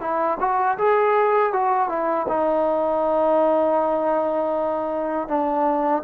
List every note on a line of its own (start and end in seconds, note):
0.00 0.38 E4
0.40 0.77 F#4
0.78 1.52 G#4
1.52 1.89 F#4
1.89 2.26 E4
2.28 5.27 D#4
5.27 6.02 D4